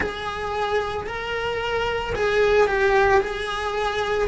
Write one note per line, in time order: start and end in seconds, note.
0.00 1.06 G#4
1.06 2.13 A#4
2.15 2.67 G#4
2.67 3.20 G4
3.20 4.27 G#4